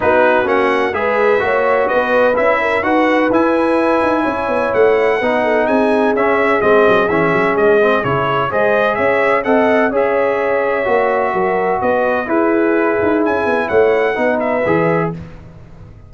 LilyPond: <<
  \new Staff \with { instrumentName = "trumpet" } { \time 4/4 \tempo 4 = 127 b'4 fis''4 e''2 | dis''4 e''4 fis''4 gis''4~ | gis''2 fis''2 | gis''4 e''4 dis''4 e''4 |
dis''4 cis''4 dis''4 e''4 | fis''4 e''2.~ | e''4 dis''4 b'2 | gis''4 fis''4. e''4. | }
  \new Staff \with { instrumentName = "horn" } { \time 4/4 fis'2 b'4 cis''4 | b'4. ais'8 b'2~ | b'4 cis''2 b'8 a'8 | gis'1~ |
gis'2 c''4 cis''4 | dis''4 cis''2. | ais'4 b'4 gis'2~ | gis'4 cis''4 b'2 | }
  \new Staff \with { instrumentName = "trombone" } { \time 4/4 dis'4 cis'4 gis'4 fis'4~ | fis'4 e'4 fis'4 e'4~ | e'2. dis'4~ | dis'4 cis'4 c'4 cis'4~ |
cis'8 c'8 e'4 gis'2 | a'4 gis'2 fis'4~ | fis'2 e'2~ | e'2 dis'4 gis'4 | }
  \new Staff \with { instrumentName = "tuba" } { \time 4/4 b4 ais4 gis4 ais4 | b4 cis'4 dis'4 e'4~ | e'8 dis'8 cis'8 b8 a4 b4 | c'4 cis'4 gis8 fis8 e8 fis8 |
gis4 cis4 gis4 cis'4 | c'4 cis'2 ais4 | fis4 b4 e'4. dis'8 | cis'8 b8 a4 b4 e4 | }
>>